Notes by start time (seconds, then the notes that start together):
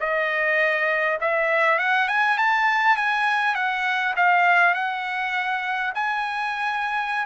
0.00 D#5
1.21 E5
1.79 F#5
2.08 G#5
2.38 A5
2.97 G#5
3.55 F#5
4.16 F5
4.74 F#5
5.95 G#5